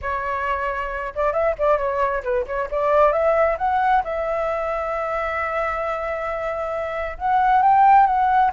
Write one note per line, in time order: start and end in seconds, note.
0.01 1.13 C#5
1.15 1.32 D5
1.32 1.55 E5
1.58 1.78 D5
1.78 2.22 C#5
2.23 2.45 B4
2.46 2.68 C#5
2.70 3.12 D5
3.12 3.57 E5
3.58 4.03 F#5
4.04 7.17 E5
7.18 7.62 F#5
7.62 8.06 G5
8.06 8.51 F#5